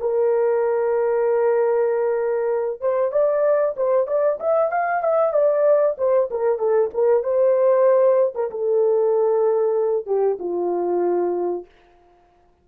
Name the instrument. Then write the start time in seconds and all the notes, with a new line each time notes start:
horn
0.00 A#4
2.80 C5
3.11 D5
3.76 C5
4.07 D5
4.40 E5
4.71 F5
5.03 E5
5.33 D5
5.98 C5
6.30 A#4
6.58 A4
6.93 A#4
7.23 C5
8.34 A#4
8.50 A4
10.06 G4
10.39 F4